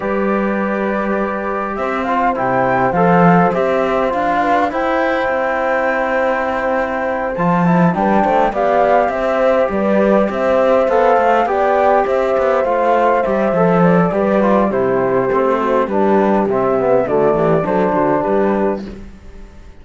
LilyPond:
<<
  \new Staff \with { instrumentName = "flute" } { \time 4/4 \tempo 4 = 102 d''2. e''8 f''8 | g''4 f''4 e''4 f''4 | g''1~ | g''8 a''4 g''4 f''4 e''8~ |
e''8 d''4 e''4 f''4 g''8~ | g''8 e''4 f''4 e''4 d''8~ | d''4 c''2 b'4 | e''4 d''4 c''4 b'4 | }
  \new Staff \with { instrumentName = "horn" } { \time 4/4 b'2. c''4~ | c''2.~ c''8 b'8 | c''1~ | c''4. b'8 c''8 d''4 c''8~ |
c''8 b'4 c''2 d''8~ | d''8 c''2.~ c''8 | b'4 g'4. fis'8 g'4~ | g'4 fis'8 g'8 a'8 fis'8 g'4 | }
  \new Staff \with { instrumentName = "trombone" } { \time 4/4 g'2.~ g'8 f'8 | e'4 a'4 g'4 f'4 | e'1~ | e'8 f'8 e'8 d'4 g'4.~ |
g'2~ g'8 a'4 g'8~ | g'4. f'4 g'8 a'4 | g'8 f'8 e'4 c'4 d'4 | c'8 b8 a4 d'2 | }
  \new Staff \with { instrumentName = "cello" } { \time 4/4 g2. c'4 | c4 f4 c'4 d'4 | e'4 c'2.~ | c'8 f4 g8 a8 b4 c'8~ |
c'8 g4 c'4 b8 a8 b8~ | b8 c'8 b8 a4 g8 f4 | g4 c4 a4 g4 | c4 d8 e8 fis8 d8 g4 | }
>>